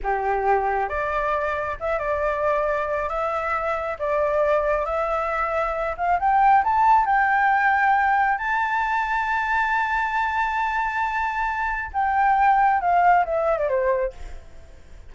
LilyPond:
\new Staff \with { instrumentName = "flute" } { \time 4/4 \tempo 4 = 136 g'2 d''2 | e''8 d''2~ d''8 e''4~ | e''4 d''2 e''4~ | e''4. f''8 g''4 a''4 |
g''2. a''4~ | a''1~ | a''2. g''4~ | g''4 f''4 e''8. d''16 c''4 | }